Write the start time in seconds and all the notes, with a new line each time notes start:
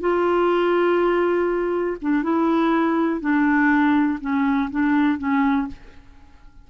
0.00 F4
2.01 D4
2.23 E4
3.21 D4
4.20 C#4
4.70 D4
5.18 C#4